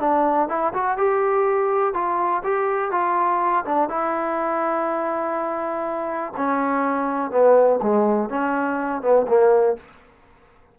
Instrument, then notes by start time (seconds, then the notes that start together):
trombone
0.00 D4
0.49 E4
0.73 F#4
0.97 G4
1.94 F4
2.44 G4
2.91 F4
3.66 D4
3.89 E4
6.37 C#4
7.31 B3
7.82 G#3
8.29 C#4
9.02 B3
9.28 A#3